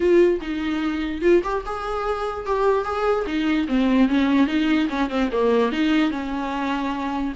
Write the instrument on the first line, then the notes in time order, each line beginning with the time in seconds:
viola
0.00 F4
0.41 D#4
1.21 F4
1.43 G4
1.65 G#4
2.46 G4
2.84 G#4
3.26 D#4
3.68 C4
4.08 C#4
4.47 D#4
4.89 C#4
5.09 C4
5.32 A#3
5.72 D#4
6.10 C#4